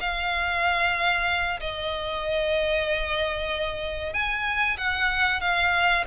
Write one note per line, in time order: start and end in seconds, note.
0.00 1.60 F5
1.60 4.13 D#5
4.13 4.77 G#5
4.77 5.41 F#5
5.41 6.04 F5